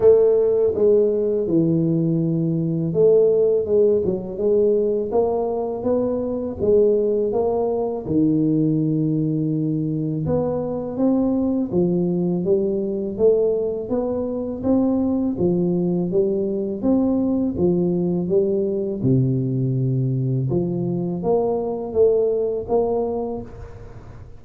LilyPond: \new Staff \with { instrumentName = "tuba" } { \time 4/4 \tempo 4 = 82 a4 gis4 e2 | a4 gis8 fis8 gis4 ais4 | b4 gis4 ais4 dis4~ | dis2 b4 c'4 |
f4 g4 a4 b4 | c'4 f4 g4 c'4 | f4 g4 c2 | f4 ais4 a4 ais4 | }